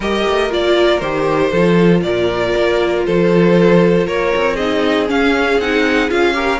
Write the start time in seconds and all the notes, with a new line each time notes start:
0.00 G3 G4 A#4 D#5
0.27 A3
0.49 A#3 F4 D5
0.99 D#3 G4 C5
1.50 F3 F4 A4
2.02 A#2 A#4 D5
2.56 A#3
3.05 F3 A4 C5
4.06 A#3 A#4 C#5
4.35 C4
4.55 D#4 G#4 D#5
5.07 C#4 F5
5.58 C4 D#4 F#5
6.09 C#4 F4 F5
6.33 G4 A#4